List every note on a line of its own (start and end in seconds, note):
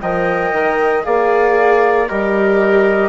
0.00 0.53 F3
0.00 1.03 A#4
0.00 1.05 D#5
0.00 1.03 G5
0.53 1.04 D#3
1.03 2.10 A#3
1.03 2.06 G#4
1.03 2.09 D5
1.03 2.08 F5
2.08 3.09 G3
2.08 3.09 G4
2.08 3.09 A#4
2.08 3.09 D#5